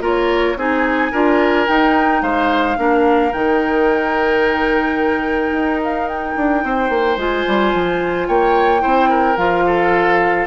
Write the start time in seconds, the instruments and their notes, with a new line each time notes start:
0.00 bassoon A#3, clarinet F4, oboe A#4, flute C#5
0.56 bassoon C4, clarinet D#4, oboe G#4, flute G#5
1.11 bassoon D4, clarinet F4, oboe A#4
1.67 clarinet D#4, bassoon D#4, flute G5
2.22 bassoon G#3, oboe C5, flute F5
2.76 bassoon A#3, clarinet D4, oboe A#4
3.32 bassoon D#3, clarinet D#4, flute G5
5.51 bassoon D#4
5.83 flute F5
6.08 flute G5
6.36 bassoon D4
6.63 bassoon C4, oboe C5
6.89 bassoon A#3
7.16 bassoon G#3, clarinet F4, flute G#5
7.47 bassoon G3
7.74 bassoon F3
8.27 bassoon A#3, oboe C#5, flute G5
8.79 bassoon C4, clarinet E4, oboe C5
9.09 oboe A#4
9.37 bassoon F3, clarinet F4, flute F5
9.66 oboe A4